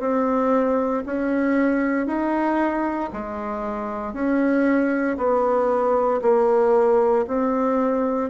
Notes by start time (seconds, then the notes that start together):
0.00 C4
1.06 C#4
2.07 D#4
3.13 G#3
4.14 C#4
5.18 B3
6.22 A#3
7.27 C4